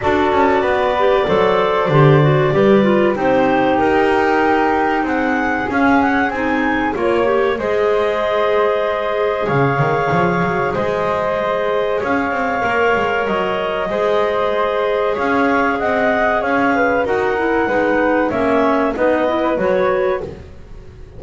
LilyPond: <<
  \new Staff \with { instrumentName = "clarinet" } { \time 4/4 \tempo 4 = 95 d''1~ | d''4 c''4 ais'2 | fis''4 f''8 fis''8 gis''4 cis''4 | dis''2. f''4~ |
f''4 dis''2 f''4~ | f''4 dis''2. | f''4 fis''4 f''4 fis''4~ | fis''4 e''4 dis''4 cis''4 | }
  \new Staff \with { instrumentName = "flute" } { \time 4/4 a'4 b'4 c''2 | b'4 g'2. | gis'2. cis''4 | c''2. cis''4~ |
cis''4 c''2 cis''4~ | cis''2 c''2 | cis''4 dis''4 cis''8 b'8 ais'4 | b'4 cis''4 b'2 | }
  \new Staff \with { instrumentName = "clarinet" } { \time 4/4 fis'4. g'8 a'4 g'8 fis'8 | g'8 f'8 dis'2.~ | dis'4 cis'4 dis'4 f'8 g'8 | gis'1~ |
gis'1 | ais'2 gis'2~ | gis'2. fis'8 e'8 | dis'4 cis'4 dis'8 e'8 fis'4 | }
  \new Staff \with { instrumentName = "double bass" } { \time 4/4 d'8 cis'8 b4 fis4 d4 | g4 c'4 dis'2 | c'4 cis'4 c'4 ais4 | gis2. cis8 dis8 |
f8 fis8 gis2 cis'8 c'8 | ais8 gis8 fis4 gis2 | cis'4 c'4 cis'4 dis'4 | gis4 ais4 b4 fis4 | }
>>